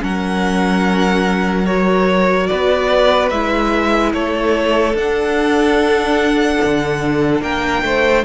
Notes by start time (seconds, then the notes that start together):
0.00 F#3 C#4 A#4 F#5
1.66 F#4 C#5
2.47 B3 B4 D5
3.30 G#3 E4 E5
4.14 A3 A4 C#5
4.95 D4 F#5
6.64 D3
7.41 A#3 A#4 G5
7.82 A3 C5